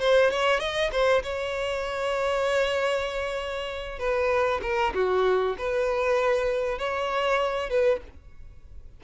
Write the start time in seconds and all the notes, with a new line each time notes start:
0.00 C5
0.31 C#5
0.60 D#5
0.92 C5
1.23 C#5
3.99 B4
4.63 A#4
4.94 F#4
5.58 B4
6.79 C#5
7.70 B4